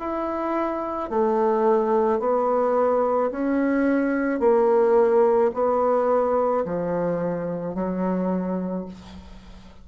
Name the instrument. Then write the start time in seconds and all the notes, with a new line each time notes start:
bassoon
0.00 E4
1.10 A3
2.20 B3
3.32 C#4
4.40 A#3
5.54 B3
6.66 F3
7.75 F#3